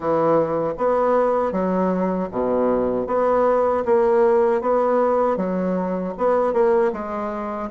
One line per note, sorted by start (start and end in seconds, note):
0.00 0.73 E3
0.77 1.52 B3
1.52 2.29 F#3
2.31 3.07 B2
3.07 3.84 B3
3.85 4.61 A#3
4.61 5.36 B3
5.36 6.13 F#3
6.17 6.53 B3
6.53 6.91 A#3
6.92 7.69 G#3